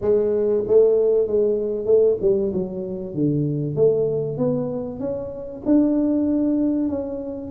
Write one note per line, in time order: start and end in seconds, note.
0.01 0.63 G#3
0.67 1.27 A3
1.27 1.85 G#3
1.85 2.16 A3
2.21 2.52 G3
2.53 3.14 F#3
3.14 3.75 D3
3.75 4.37 A3
4.37 4.99 B3
4.99 5.62 C#4
5.65 6.88 D4
6.88 7.51 C#4